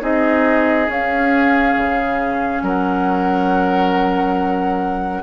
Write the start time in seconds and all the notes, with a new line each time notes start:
0.00 C4 D#4 G#4 D#5
0.88 C#4 F5
1.77 C#3
2.62 F#3 A#4 F#5